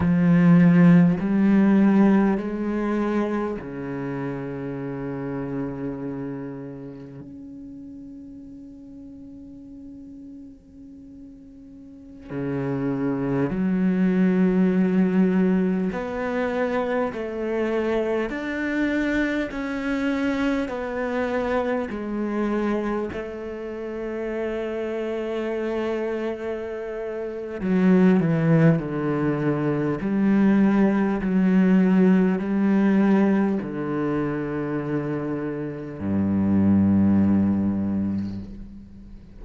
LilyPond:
\new Staff \with { instrumentName = "cello" } { \time 4/4 \tempo 4 = 50 f4 g4 gis4 cis4~ | cis2 cis'2~ | cis'2~ cis'16 cis4 fis8.~ | fis4~ fis16 b4 a4 d'8.~ |
d'16 cis'4 b4 gis4 a8.~ | a2. fis8 e8 | d4 g4 fis4 g4 | d2 g,2 | }